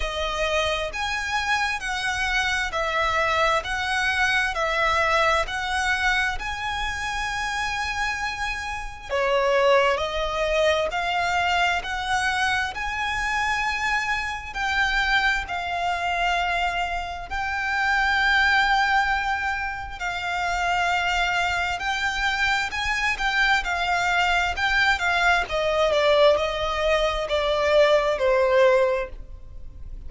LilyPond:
\new Staff \with { instrumentName = "violin" } { \time 4/4 \tempo 4 = 66 dis''4 gis''4 fis''4 e''4 | fis''4 e''4 fis''4 gis''4~ | gis''2 cis''4 dis''4 | f''4 fis''4 gis''2 |
g''4 f''2 g''4~ | g''2 f''2 | g''4 gis''8 g''8 f''4 g''8 f''8 | dis''8 d''8 dis''4 d''4 c''4 | }